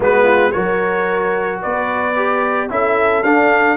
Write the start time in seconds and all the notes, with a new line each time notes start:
0.00 G#3 B3 F#4 B4
0.24 F4
0.51 F#3 F#4 A#4 C#5
1.61 B3 B4 D5
2.16 G4
2.69 C#4 E4 A4 E5
3.22 D4 F5